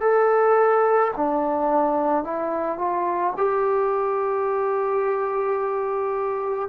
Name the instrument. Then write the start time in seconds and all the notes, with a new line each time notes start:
trombone
0.00 A4
1.16 D4
2.24 E4
2.78 F4
3.37 G4